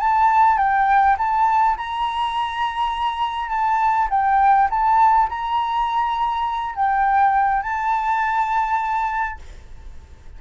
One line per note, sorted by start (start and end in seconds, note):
0.00 0.57 A5
0.57 1.16 G5
1.18 1.77 A5
1.77 3.49 A#5
3.49 4.08 A5
4.10 4.69 G5
4.70 5.29 A5
5.29 6.75 A#5
6.75 7.63 G5
7.63 9.39 A5